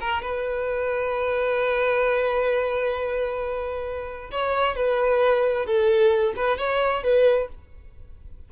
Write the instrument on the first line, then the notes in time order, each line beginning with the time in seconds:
violin
0.00 A#4
0.21 B4
4.31 C#5
4.75 B4
5.65 A4
6.36 B4
6.57 C#5
7.03 B4